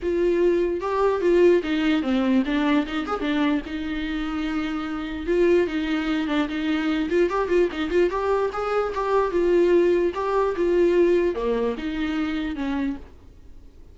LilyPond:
\new Staff \with { instrumentName = "viola" } { \time 4/4 \tempo 4 = 148 f'2 g'4 f'4 | dis'4 c'4 d'4 dis'8 gis'8 | d'4 dis'2.~ | dis'4 f'4 dis'4. d'8 |
dis'4. f'8 g'8 f'8 dis'8 f'8 | g'4 gis'4 g'4 f'4~ | f'4 g'4 f'2 | ais4 dis'2 cis'4 | }